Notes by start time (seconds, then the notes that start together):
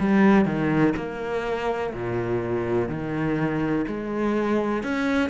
0.00 G3
0.46 D#3
0.97 A#3
1.94 A#2
2.89 D#3
3.88 G#3
4.83 C#4